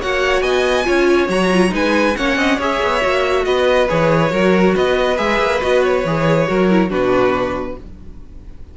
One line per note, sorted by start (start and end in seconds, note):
0.00 0.41 A#3
0.00 0.84 F#4
0.00 0.42 C#5
0.00 0.41 F#5
0.41 0.85 B3
0.41 0.86 D#5
0.41 1.27 G#5
0.84 1.28 C#4
0.84 1.27 F4
0.84 1.72 C#5
1.28 1.71 F#3
1.28 1.51 F#4
1.28 1.73 A#5
1.53 1.69 F4
1.69 2.15 G#3
1.69 2.12 D#4
1.69 2.17 B4
1.75 2.16 G#5
2.16 2.36 A#3
2.16 2.59 C#4
2.16 2.38 C#5
2.16 2.59 F#5
2.36 2.58 C4
2.36 2.57 D#5
2.57 2.80 C#4
2.57 3.01 G#4
2.57 3.43 C#5
2.57 3.45 E5
2.82 3.04 B3
3.01 3.46 A#3
3.01 3.87 F#4
3.45 3.89 B3
3.45 4.32 B4
3.45 3.88 D#5
3.88 4.31 E3
3.88 4.30 G#4
3.88 4.75 C#5
4.30 4.75 F#3
4.30 5.16 F#4
4.30 4.75 A#4
4.75 5.18 B3
4.75 6.47 B4
4.75 5.17 D#5
5.17 5.39 G#3
5.17 5.60 G#4
5.17 5.60 E5
5.39 5.61 A#3
5.61 6.04 B3
5.61 6.04 F#4
5.61 5.83 D#5
5.83 6.91 C#5
6.04 6.47 E3
6.04 6.47 G#4
6.47 6.91 F#3
6.47 6.69 F#4
6.47 6.89 A#4
6.69 6.89 E4
6.89 7.77 B2
6.89 7.76 D4
6.89 7.76 F#4
6.89 7.77 B4